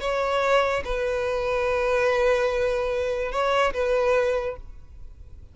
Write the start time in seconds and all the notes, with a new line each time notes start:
0.00 C#5
0.84 B4
3.32 C#5
3.73 B4